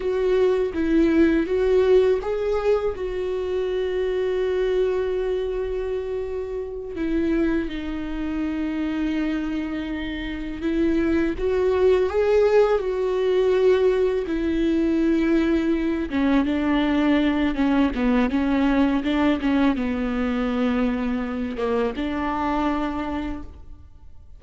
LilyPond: \new Staff \with { instrumentName = "viola" } { \time 4/4 \tempo 4 = 82 fis'4 e'4 fis'4 gis'4 | fis'1~ | fis'4. e'4 dis'4.~ | dis'2~ dis'8 e'4 fis'8~ |
fis'8 gis'4 fis'2 e'8~ | e'2 cis'8 d'4. | cis'8 b8 cis'4 d'8 cis'8 b4~ | b4. ais8 d'2 | }